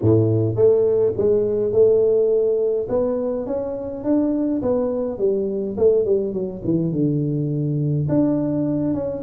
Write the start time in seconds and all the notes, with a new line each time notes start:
0.01 A2
0.55 A3
1.17 G#3
1.72 A3
2.88 B3
3.46 C#4
4.04 D4
4.62 B3
5.18 G3
5.77 A3
6.05 G3
6.33 F#3
6.64 E3
6.92 D3
8.08 D4
8.94 C#4